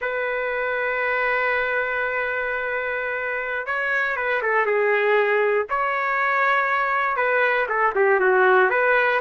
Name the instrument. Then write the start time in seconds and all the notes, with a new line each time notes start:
trumpet
0.01 B4
3.66 C#5
4.16 B4
4.42 A4
4.65 G#4
5.69 C#5
7.16 B4
7.68 A4
7.95 G4
8.20 F#4
8.70 B4